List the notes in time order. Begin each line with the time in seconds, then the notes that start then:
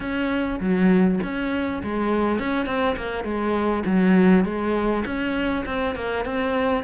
0.00 C#4
0.60 F#3
1.23 C#4
1.83 G#3
2.39 C#4
2.66 C4
2.96 A#3
3.24 G#3
3.85 F#3
4.44 G#3
5.05 C#4
5.65 C4
5.95 A#3
6.25 C4